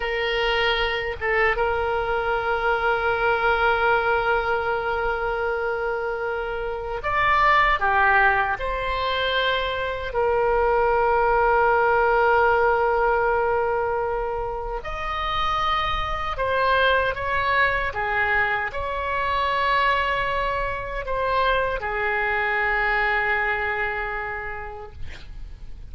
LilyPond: \new Staff \with { instrumentName = "oboe" } { \time 4/4 \tempo 4 = 77 ais'4. a'8 ais'2~ | ais'1~ | ais'4 d''4 g'4 c''4~ | c''4 ais'2.~ |
ais'2. dis''4~ | dis''4 c''4 cis''4 gis'4 | cis''2. c''4 | gis'1 | }